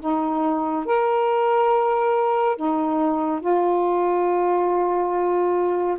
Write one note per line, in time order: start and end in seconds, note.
0.00 0.85 D#4
0.85 2.56 A#4
2.56 3.40 D#4
3.40 5.97 F4